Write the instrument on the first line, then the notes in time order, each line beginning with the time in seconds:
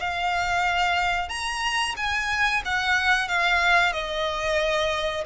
violin
0.00 F5
1.29 A#5
1.97 G#5
2.65 F#5
3.29 F5
3.93 D#5